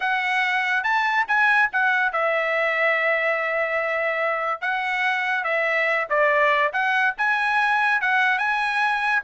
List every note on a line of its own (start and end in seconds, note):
0.00 0.83 F#5
0.83 1.25 A5
1.27 1.69 G#5
1.72 2.12 F#5
2.12 4.61 E5
4.61 5.44 F#5
5.44 6.07 E5
6.09 6.72 D5
6.72 7.14 F#5
7.17 8.01 G#5
8.01 8.38 F#5
8.38 9.22 G#5